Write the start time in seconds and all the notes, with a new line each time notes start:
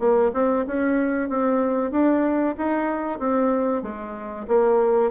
0.00 A#3
0.34 C4
0.68 C#4
1.30 C4
1.92 D4
2.58 D#4
3.20 C4
3.83 G#3
4.48 A#3